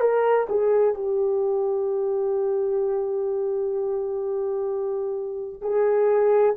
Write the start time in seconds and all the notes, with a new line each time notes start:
0.00 A#4
0.49 G#4
0.95 G4
5.61 G#4